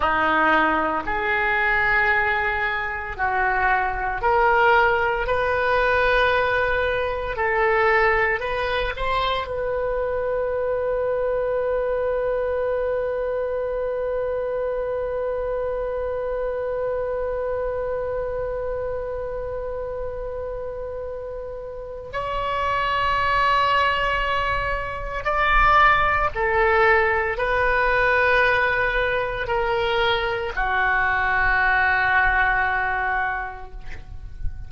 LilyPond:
\new Staff \with { instrumentName = "oboe" } { \time 4/4 \tempo 4 = 57 dis'4 gis'2 fis'4 | ais'4 b'2 a'4 | b'8 c''8 b'2.~ | b'1~ |
b'1~ | b'4 cis''2. | d''4 a'4 b'2 | ais'4 fis'2. | }